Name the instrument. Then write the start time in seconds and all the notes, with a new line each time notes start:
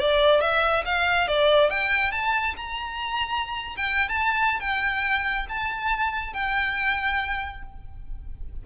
violin
0.00 D5
0.41 E5
0.85 F5
1.28 D5
1.70 G5
2.12 A5
2.57 A#5
3.77 G5
4.09 A5
4.60 G5
5.49 A5
6.34 G5